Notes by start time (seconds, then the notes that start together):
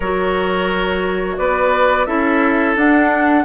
0.00 F#3 F#4 A#4 C#5
1.37 B3 B4 D5
2.06 C#4 E4 A4 E5
2.76 D4 F#5